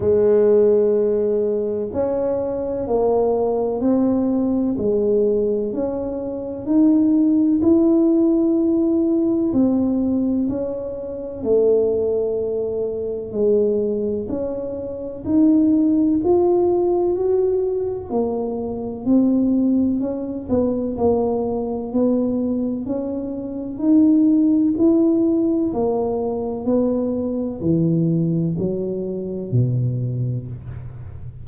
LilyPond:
\new Staff \with { instrumentName = "tuba" } { \time 4/4 \tempo 4 = 63 gis2 cis'4 ais4 | c'4 gis4 cis'4 dis'4 | e'2 c'4 cis'4 | a2 gis4 cis'4 |
dis'4 f'4 fis'4 ais4 | c'4 cis'8 b8 ais4 b4 | cis'4 dis'4 e'4 ais4 | b4 e4 fis4 b,4 | }